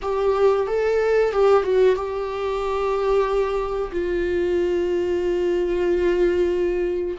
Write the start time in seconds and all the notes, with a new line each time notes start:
0.02 G4
0.67 A4
1.32 G4
1.63 F#4
1.95 G4
3.91 F4